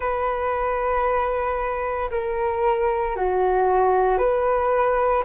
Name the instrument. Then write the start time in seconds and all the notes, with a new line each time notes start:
flute
0.00 B4
2.11 A#4
3.16 F#4
4.18 B4